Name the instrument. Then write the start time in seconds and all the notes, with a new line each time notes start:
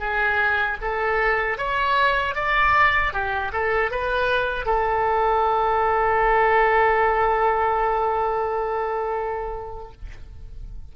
oboe
0.00 G#4
0.81 A4
1.58 C#5
2.36 D5
3.13 G4
3.53 A4
3.91 B4
4.66 A4